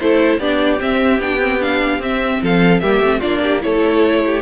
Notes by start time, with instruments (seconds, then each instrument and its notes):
0.00 cello A3, viola E4, violin A4 C5
0.39 cello B3, viola D4, violin G4 D5
0.78 viola C4, cello C4, violin E5
1.19 cello B3, viola D4, violin G5
1.40 viola C4
1.60 viola D4, violin F5
1.99 cello C4, viola C4, violin E5
2.42 cello F3, violin A4 F5
2.80 cello G3, viola A#3, violin G4 E5
3.00 cello A3, viola C4
3.20 cello A#3, viola D4, violin F4 D5
3.43 violin G4
3.61 cello A3, viola E4, violin A4 C#5
4.26 violin G4